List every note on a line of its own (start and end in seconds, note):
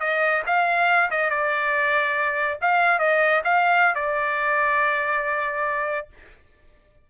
0.00 0.43 D#5
0.46 1.10 F5
1.11 1.30 D#5
1.30 2.58 D5
2.61 2.99 F5
2.99 3.42 D#5
3.44 3.95 F5
3.95 6.08 D5